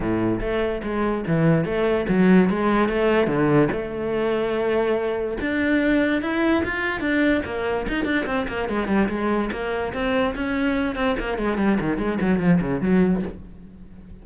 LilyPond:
\new Staff \with { instrumentName = "cello" } { \time 4/4 \tempo 4 = 145 a,4 a4 gis4 e4 | a4 fis4 gis4 a4 | d4 a2.~ | a4 d'2 e'4 |
f'4 d'4 ais4 dis'8 d'8 | c'8 ais8 gis8 g8 gis4 ais4 | c'4 cis'4. c'8 ais8 gis8 | g8 dis8 gis8 fis8 f8 cis8 fis4 | }